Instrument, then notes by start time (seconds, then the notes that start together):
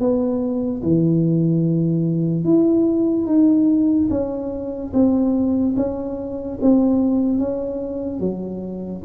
tuba
0.00 B3
0.83 E3
2.44 E4
3.27 D#4
4.11 C#4
4.94 C4
5.77 C#4
6.62 C4
7.39 C#4
8.20 F#3